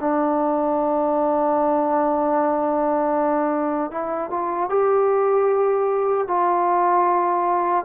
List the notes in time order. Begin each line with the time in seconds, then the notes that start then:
0.00 D4
3.91 E4
4.30 F4
4.69 G4
6.27 F4